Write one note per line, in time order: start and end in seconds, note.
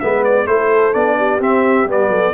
0.00 0.46 G#3
0.00 0.46 B3
0.00 0.49 B4
0.00 0.23 E5
0.24 0.47 D5
0.46 0.93 A3
0.46 0.93 E4
0.46 1.17 A4
0.46 0.93 C5
0.93 1.39 B3
0.93 1.40 D4
0.93 1.40 D5
1.17 2.10 G4
1.39 1.85 C4
1.39 1.87 C4
1.39 1.89 E5
1.85 2.07 G3
1.85 2.33 B3
1.85 2.33 D5
2.07 2.31 F#3
2.07 2.33 A4